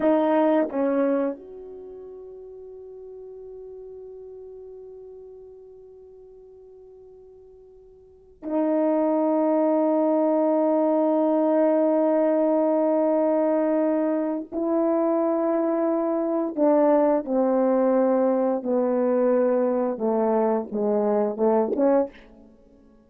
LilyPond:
\new Staff \with { instrumentName = "horn" } { \time 4/4 \tempo 4 = 87 dis'4 cis'4 fis'2~ | fis'1~ | fis'1~ | fis'16 dis'2.~ dis'8.~ |
dis'1~ | dis'4 e'2. | d'4 c'2 b4~ | b4 a4 gis4 a8 cis'8 | }